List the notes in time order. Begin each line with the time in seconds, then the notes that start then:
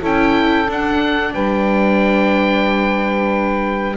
0.00 C#4 E4 A4 G5
0.68 D4 F#5
1.34 G3 B4 G5